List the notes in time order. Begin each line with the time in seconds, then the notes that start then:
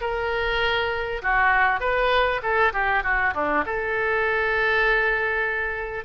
0.00 A#4
1.21 F#4
1.80 B4
2.42 A4
2.73 G4
3.03 F#4
3.34 D4
3.66 A4